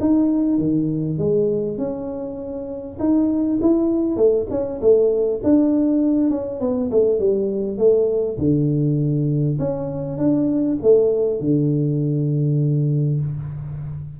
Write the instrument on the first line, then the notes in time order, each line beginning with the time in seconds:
tuba
0.00 D#4
0.58 D#3
1.18 G#3
1.78 C#4
2.99 D#4
3.61 E4
4.16 A3
4.50 C#4
4.81 A3
5.43 D4
6.30 C#4
6.60 B3
6.91 A3
7.19 G3
7.78 A3
8.38 D3
9.59 C#4
10.18 D4
10.82 A3
11.40 D3